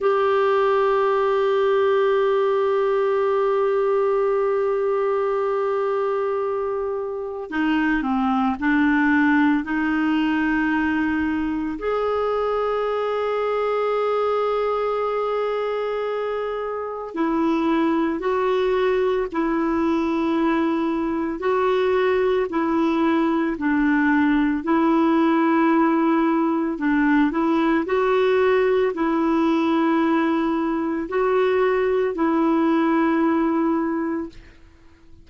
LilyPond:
\new Staff \with { instrumentName = "clarinet" } { \time 4/4 \tempo 4 = 56 g'1~ | g'2. dis'8 c'8 | d'4 dis'2 gis'4~ | gis'1 |
e'4 fis'4 e'2 | fis'4 e'4 d'4 e'4~ | e'4 d'8 e'8 fis'4 e'4~ | e'4 fis'4 e'2 | }